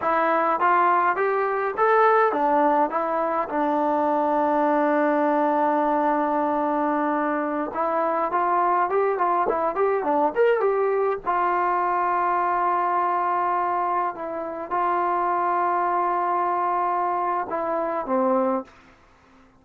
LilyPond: \new Staff \with { instrumentName = "trombone" } { \time 4/4 \tempo 4 = 103 e'4 f'4 g'4 a'4 | d'4 e'4 d'2~ | d'1~ | d'4~ d'16 e'4 f'4 g'8 f'16~ |
f'16 e'8 g'8 d'8 ais'8 g'4 f'8.~ | f'1~ | f'16 e'4 f'2~ f'8.~ | f'2 e'4 c'4 | }